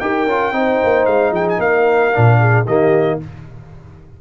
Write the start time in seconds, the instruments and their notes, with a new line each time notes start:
0.00 tuba D#4, trombone G4, horn A#4, trumpet G5
0.26 tuba C#4, trombone F4
0.52 tuba C4, trombone D#4, horn C5
0.84 tuba A#3
1.06 tuba G#3, trumpet F5
1.32 tuba F3, horn G#4, trumpet G5
1.49 trumpet G#5
1.59 tuba A#3, horn A#4, trumpet F5
2.13 tuba A#2, trombone D4
2.39 horn G#4
2.66 tuba D#3, trombone A#3, horn G4, trumpet D#5